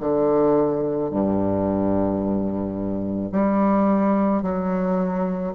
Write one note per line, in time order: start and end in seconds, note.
0.00 1.11 D3
1.11 3.32 G2
3.32 4.42 G3
4.42 5.54 F#3